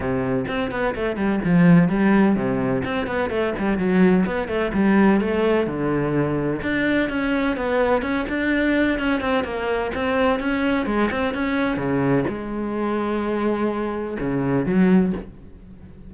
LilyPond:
\new Staff \with { instrumentName = "cello" } { \time 4/4 \tempo 4 = 127 c4 c'8 b8 a8 g8 f4 | g4 c4 c'8 b8 a8 g8 | fis4 b8 a8 g4 a4 | d2 d'4 cis'4 |
b4 cis'8 d'4. cis'8 c'8 | ais4 c'4 cis'4 gis8 c'8 | cis'4 cis4 gis2~ | gis2 cis4 fis4 | }